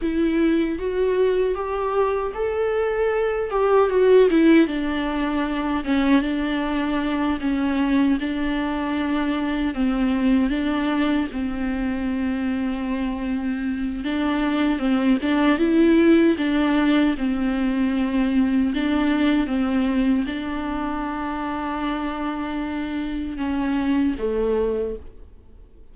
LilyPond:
\new Staff \with { instrumentName = "viola" } { \time 4/4 \tempo 4 = 77 e'4 fis'4 g'4 a'4~ | a'8 g'8 fis'8 e'8 d'4. cis'8 | d'4. cis'4 d'4.~ | d'8 c'4 d'4 c'4.~ |
c'2 d'4 c'8 d'8 | e'4 d'4 c'2 | d'4 c'4 d'2~ | d'2 cis'4 a4 | }